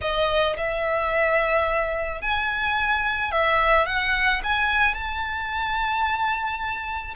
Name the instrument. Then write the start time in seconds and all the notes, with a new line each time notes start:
violin
0.01 D#5
0.57 E5
2.21 G#5
3.31 E5
3.86 F#5
4.43 G#5
4.94 A5